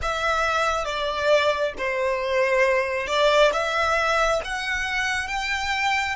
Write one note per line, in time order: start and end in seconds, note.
0.02 0.85 E5
0.85 1.73 D5
1.78 3.07 C5
3.07 3.51 D5
3.52 4.40 E5
4.44 5.27 F#5
5.27 6.15 G5